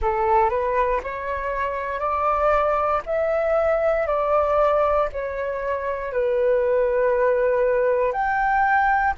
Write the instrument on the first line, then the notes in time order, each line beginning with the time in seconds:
flute
0.01 A4
0.49 B4
1.03 C#5
1.99 D5
3.06 E5
4.06 D5
5.12 C#5
6.12 B4
8.12 G5